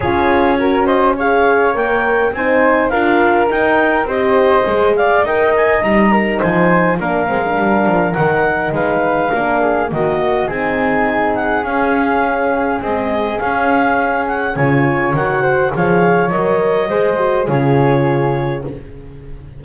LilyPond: <<
  \new Staff \with { instrumentName = "clarinet" } { \time 4/4 \tempo 4 = 103 cis''4. dis''8 f''4 g''4 | gis''4 f''4 g''4 dis''4~ | dis''8 f''8 g''8 gis''8 ais''4 gis''4 | f''2 fis''4 f''4~ |
f''4 dis''4 gis''4. fis''8 | f''2 dis''4 f''4~ | f''8 fis''8 gis''4 fis''4 f''4 | dis''2 cis''2 | }
  \new Staff \with { instrumentName = "flute" } { \time 4/4 gis'4 ais'8 c''8 cis''2 | c''4 ais'2 c''4~ | c''8 d''8 dis''4. ais'8 c''4 | ais'2. b'4 |
ais'8 gis'8 fis'4 gis'2~ | gis'1~ | gis'4 cis''4. c''8 cis''4~ | cis''4 c''4 gis'2 | }
  \new Staff \with { instrumentName = "horn" } { \time 4/4 f'4 fis'4 gis'4 ais'4 | dis'4 f'4 dis'4 g'4 | gis'4 ais'4 dis'2 | d'8 c'16 d'4~ d'16 dis'2 |
d'4 ais4 dis'2 | cis'2 gis4 cis'4~ | cis'4 f'4 fis'4 gis'4 | ais'4 gis'8 fis'8 f'2 | }
  \new Staff \with { instrumentName = "double bass" } { \time 4/4 cis'2. ais4 | c'4 d'4 dis'4 c'4 | gis4 dis'4 g4 f4 | ais8 gis8 g8 f8 dis4 gis4 |
ais4 dis4 c'2 | cis'2 c'4 cis'4~ | cis'4 cis4 dis4 f4 | fis4 gis4 cis2 | }
>>